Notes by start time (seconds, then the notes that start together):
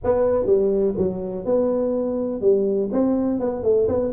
0.04 B3
0.46 G3
0.97 F#3
1.45 B3
2.41 G3
2.92 C4
3.39 B3
3.63 A3
3.88 B3